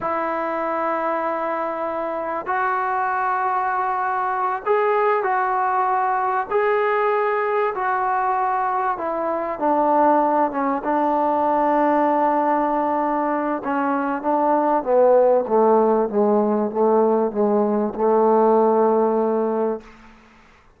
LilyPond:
\new Staff \with { instrumentName = "trombone" } { \time 4/4 \tempo 4 = 97 e'1 | fis'2.~ fis'8 gis'8~ | gis'8 fis'2 gis'4.~ | gis'8 fis'2 e'4 d'8~ |
d'4 cis'8 d'2~ d'8~ | d'2 cis'4 d'4 | b4 a4 gis4 a4 | gis4 a2. | }